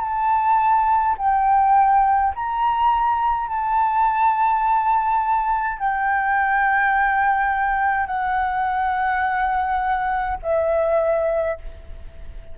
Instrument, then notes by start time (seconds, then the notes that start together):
flute
0.00 A5
1.17 G5
2.35 A#5
3.48 A5
5.78 G5
8.07 F#5
10.42 E5